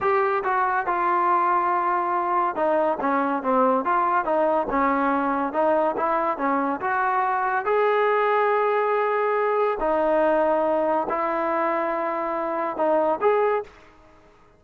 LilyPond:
\new Staff \with { instrumentName = "trombone" } { \time 4/4 \tempo 4 = 141 g'4 fis'4 f'2~ | f'2 dis'4 cis'4 | c'4 f'4 dis'4 cis'4~ | cis'4 dis'4 e'4 cis'4 |
fis'2 gis'2~ | gis'2. dis'4~ | dis'2 e'2~ | e'2 dis'4 gis'4 | }